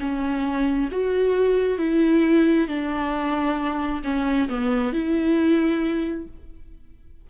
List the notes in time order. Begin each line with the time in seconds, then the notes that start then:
0.00 C#4
0.92 F#4
1.79 E4
2.68 D4
4.04 C#4
4.49 B3
4.93 E4